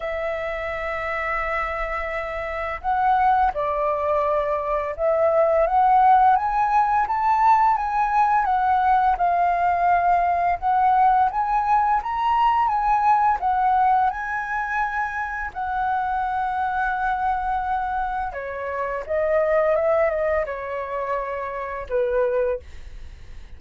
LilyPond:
\new Staff \with { instrumentName = "flute" } { \time 4/4 \tempo 4 = 85 e''1 | fis''4 d''2 e''4 | fis''4 gis''4 a''4 gis''4 | fis''4 f''2 fis''4 |
gis''4 ais''4 gis''4 fis''4 | gis''2 fis''2~ | fis''2 cis''4 dis''4 | e''8 dis''8 cis''2 b'4 | }